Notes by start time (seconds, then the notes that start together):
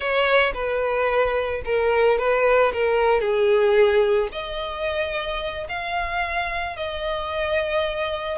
0.00 C#5
0.54 B4
1.65 A#4
2.18 B4
2.72 A#4
3.20 G#4
4.32 D#5
5.68 F5
6.76 D#5